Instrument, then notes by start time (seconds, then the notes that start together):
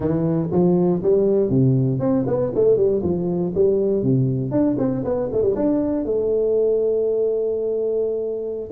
tuba
0.00 E3
0.51 F3
1.02 G3
1.49 C3
1.99 C4
2.27 B3
2.54 A3
2.76 G3
3.03 F3
3.54 G3
4.02 C3
4.51 D4
4.78 C4
5.04 B3
5.31 A3
5.42 G3
5.55 D4
6.05 A3